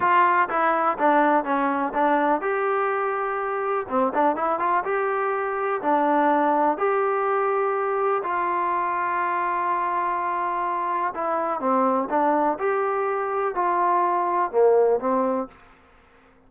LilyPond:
\new Staff \with { instrumentName = "trombone" } { \time 4/4 \tempo 4 = 124 f'4 e'4 d'4 cis'4 | d'4 g'2. | c'8 d'8 e'8 f'8 g'2 | d'2 g'2~ |
g'4 f'2.~ | f'2. e'4 | c'4 d'4 g'2 | f'2 ais4 c'4 | }